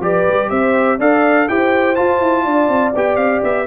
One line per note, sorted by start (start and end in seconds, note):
0.00 0.24 F3
0.00 0.99 G4
0.00 0.49 B4
0.00 0.50 D5
0.29 0.51 G3
0.49 0.99 C4
0.49 0.98 C5
0.49 0.99 E5
0.98 1.48 D4
0.98 1.49 A4
0.98 1.47 D5
0.98 1.49 F5
1.49 1.98 E4
1.49 1.96 G4
1.49 2.44 C5
1.49 1.95 G5
1.95 2.94 F4
1.95 2.21 F4
1.95 2.93 A5
2.21 2.45 E4
2.44 2.69 D4
2.44 3.66 D5
2.69 2.93 C4
2.95 3.17 B3
2.95 3.67 G4
2.95 3.16 G5
3.16 3.41 C4
3.16 3.41 F5
3.43 3.67 B3
3.43 3.67 E5